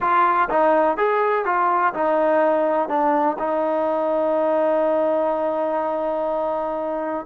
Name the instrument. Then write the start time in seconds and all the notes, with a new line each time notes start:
trombone
0.00 F4
0.49 D#4
0.97 G#4
1.45 F4
1.94 D#4
2.88 D4
3.38 D#4